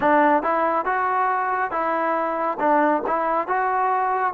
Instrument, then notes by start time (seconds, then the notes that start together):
trombone
0.00 D4
0.42 E4
0.85 F#4
1.71 E4
2.59 D4
3.06 E4
3.47 F#4